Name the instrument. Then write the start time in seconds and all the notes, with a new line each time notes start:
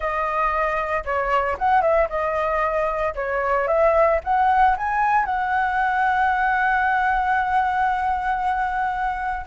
flute
0.00 D#5
1.04 C#5
1.58 F#5
1.81 E5
2.09 D#5
3.15 C#5
3.67 E5
4.23 F#5
4.77 G#5
5.25 F#5